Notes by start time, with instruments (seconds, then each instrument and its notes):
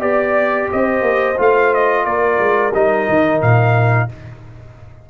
0.00 tuba B3, trombone G4, horn D5, trumpet D5
0.71 tuba C4, horn C5, trumpet D#5
1.02 tuba A#3
1.37 tuba A3, trombone F4, trumpet F5
1.74 trumpet D#5
2.05 tuba A#3, horn A#4, trumpet D5
2.39 tuba G#3
2.74 tuba G3, trombone D#4, trumpet D#5
3.08 tuba D#3
3.41 tuba A#2, trumpet F5